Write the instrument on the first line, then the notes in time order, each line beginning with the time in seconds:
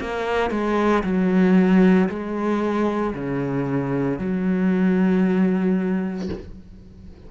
cello
0.00 A#3
0.50 G#3
1.03 F#3
2.09 G#3
3.14 C#3
4.19 F#3